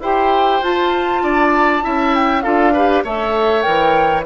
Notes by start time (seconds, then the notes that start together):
0.00 E4 G4 C5 G5
0.61 F4 A5
1.22 D4 D5
1.82 C#4 E4 E5
2.15 G5
2.42 D4 F4 A4 F5
2.73 G4 B4
3.04 A3 A4 C#5 E5
3.61 E3 A#4 G5